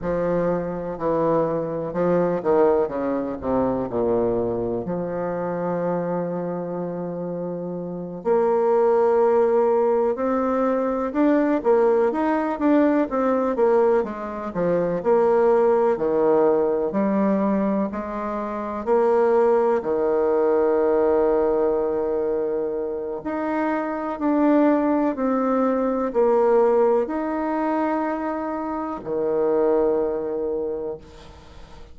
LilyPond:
\new Staff \with { instrumentName = "bassoon" } { \time 4/4 \tempo 4 = 62 f4 e4 f8 dis8 cis8 c8 | ais,4 f2.~ | f8 ais2 c'4 d'8 | ais8 dis'8 d'8 c'8 ais8 gis8 f8 ais8~ |
ais8 dis4 g4 gis4 ais8~ | ais8 dis2.~ dis8 | dis'4 d'4 c'4 ais4 | dis'2 dis2 | }